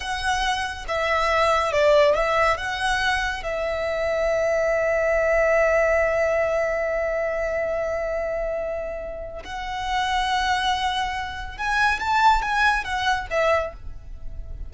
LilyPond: \new Staff \with { instrumentName = "violin" } { \time 4/4 \tempo 4 = 140 fis''2 e''2 | d''4 e''4 fis''2 | e''1~ | e''1~ |
e''1~ | e''2 fis''2~ | fis''2. gis''4 | a''4 gis''4 fis''4 e''4 | }